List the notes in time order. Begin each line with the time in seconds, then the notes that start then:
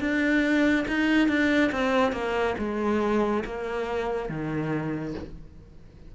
0.00 D4
0.88 D#4
1.28 D4
1.72 C4
2.12 A#3
2.58 G#3
3.45 A#3
4.29 D#3